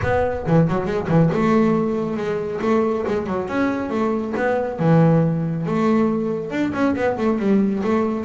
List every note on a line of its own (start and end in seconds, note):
0.02 0.45 B3
0.46 0.68 E3
0.68 0.85 F#3
0.85 1.07 G#3
1.08 1.29 E3
1.32 2.16 A3
2.16 2.60 G#3
2.61 3.05 A3
3.07 3.26 G#3
3.26 3.48 F#3
3.48 3.90 C#4
3.90 4.33 A3
4.36 4.79 B3
4.79 5.66 E3
5.66 6.50 A3
6.50 6.72 D4
6.73 6.95 C#4
6.95 7.17 B3
7.17 7.38 A3
7.38 7.82 G3
7.83 8.25 A3